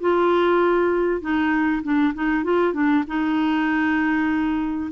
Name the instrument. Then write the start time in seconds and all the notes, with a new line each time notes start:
clarinet
0.00 F4
1.21 D#4
1.83 D4
2.14 D#4
2.44 F4
2.73 D4
3.07 D#4